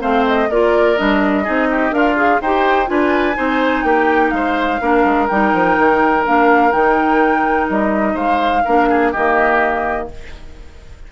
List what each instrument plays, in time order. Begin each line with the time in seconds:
0.00 bassoon A3, clarinet C4, oboe C5, flute F5
0.27 flute D#5
0.49 bassoon A#3, clarinet F4, oboe A#4, flute D5
0.96 bassoon G3, clarinet D4, flute D#5
1.44 bassoon C4, clarinet D#4, oboe G#4
1.70 oboe G4
1.91 bassoon D4, oboe F4, clarinet A#4, flute F5
2.16 clarinet G#4
2.41 bassoon D#4, clarinet G4, oboe C5, flute G5
2.86 bassoon D4, clarinet F4, oboe B4, flute G#5
3.34 bassoon C4, clarinet D#4, oboe C5
3.83 bassoon A#3, oboe G4, flute G5
4.30 bassoon G#3, oboe C5, flute F5
4.81 bassoon A#3, clarinet D4, oboe A#4
5.04 bassoon G#3
5.27 bassoon G3, clarinet D#4, flute G5
5.53 bassoon F3
5.78 bassoon D#3
6.25 bassoon A#3, clarinet D4, flute F5
6.71 bassoon D#3, clarinet D#4, flute G5
7.69 bassoon G3, flute D#5
8.14 bassoon G#3, oboe C5, flute F5
8.64 bassoon A#3, clarinet D4, oboe A#4
8.89 oboe G#4
9.12 bassoon D#3, clarinet A#3, oboe G4, flute D#5